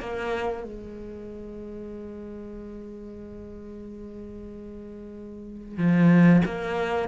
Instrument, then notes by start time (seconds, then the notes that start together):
cello
0.00 A#3
0.63 G#3
5.78 F3
6.45 A#3